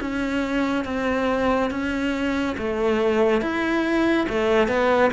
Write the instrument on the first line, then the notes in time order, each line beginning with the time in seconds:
cello
0.00 C#4
0.85 C4
1.70 C#4
2.58 A3
3.41 E4
4.29 A3
4.68 B3